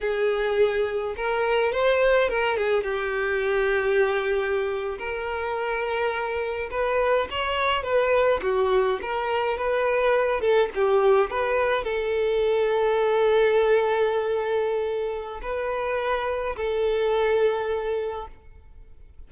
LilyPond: \new Staff \with { instrumentName = "violin" } { \time 4/4 \tempo 4 = 105 gis'2 ais'4 c''4 | ais'8 gis'8 g'2.~ | g'8. ais'2. b'16~ | b'8. cis''4 b'4 fis'4 ais'16~ |
ais'8. b'4. a'8 g'4 b'16~ | b'8. a'2.~ a'16~ | a'2. b'4~ | b'4 a'2. | }